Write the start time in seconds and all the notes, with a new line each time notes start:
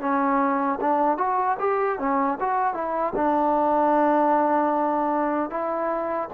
0.00 C#4
0.81 D4
1.18 F#4
1.59 G4
1.99 C#4
2.40 F#4
2.74 E4
3.16 D4
5.50 E4